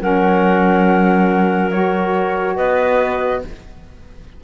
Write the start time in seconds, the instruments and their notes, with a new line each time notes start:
0.00 cello F#3, saxophone C#4, clarinet A#4, flute F#5
1.71 saxophone F#4, flute C#5
2.56 cello B3, clarinet B4, flute D#5